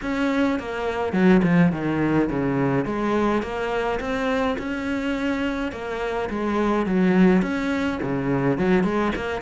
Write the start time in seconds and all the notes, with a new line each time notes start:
0.02 C#4
0.59 A#3
1.12 F#3
1.43 F3
1.72 D#3
2.29 C#3
2.85 G#3
3.42 A#3
3.99 C4
4.58 C#4
5.72 A#3
6.29 G#3
6.86 F#3
7.42 C#4
8.02 C#3
8.58 F#3
8.83 G#3
9.15 A#3